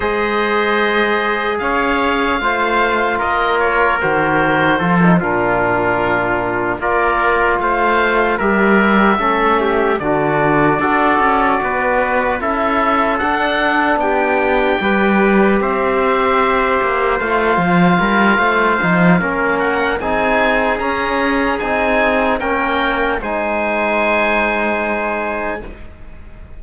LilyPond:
<<
  \new Staff \with { instrumentName = "oboe" } { \time 4/4 \tempo 4 = 75 dis''2 f''2 | dis''8 cis''8 c''4. ais'4.~ | ais'8 d''4 f''4 e''4.~ | e''8 d''2. e''8~ |
e''8 fis''4 g''2 e''8~ | e''4. f''2~ f''8~ | f''8 fis''8 gis''4 ais''4 gis''4 | g''4 gis''2. | }
  \new Staff \with { instrumentName = "trumpet" } { \time 4/4 c''2 cis''4 c''4 | ais'2 a'8 f'4.~ | f'8 ais'4 c''4 ais'4 a'8 | g'8 fis'4 a'4 b'4 a'8~ |
a'4. g'4 b'4 c''8~ | c''2~ c''8 ais'8 c''4 | ais'4 gis'2. | ais'4 c''2. | }
  \new Staff \with { instrumentName = "trombone" } { \time 4/4 gis'2. f'4~ | f'4 fis'4 f'16 dis'16 d'4.~ | d'8 f'2 g'4 cis'8~ | cis'8 d'4 fis'2 e'8~ |
e'8 d'2 g'4.~ | g'4. f'2 dis'8 | cis'4 dis'4 cis'4 dis'4 | cis'4 dis'2. | }
  \new Staff \with { instrumentName = "cello" } { \time 4/4 gis2 cis'4 a4 | ais4 dis4 f8 ais,4.~ | ais,8 ais4 a4 g4 a8~ | a8 d4 d'8 cis'8 b4 cis'8~ |
cis'8 d'4 b4 g4 c'8~ | c'4 ais8 a8 f8 g8 a8 f8 | ais4 c'4 cis'4 c'4 | ais4 gis2. | }
>>